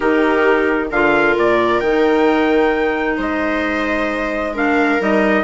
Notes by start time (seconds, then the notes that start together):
0.00 D#3 D#4 G4 A#4
0.90 D3 F4 A#4 F5
1.37 A#2 D5
1.80 D#3 G5
1.86 D#4
3.17 G#3 C5 D#5
4.53 D4 A#4 F5
4.99 G3 D#4 D#5